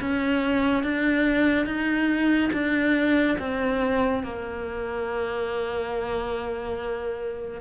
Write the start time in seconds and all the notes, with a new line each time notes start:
0.00 C#4
0.83 D4
1.66 D#4
2.53 D4
3.38 C4
4.23 A#3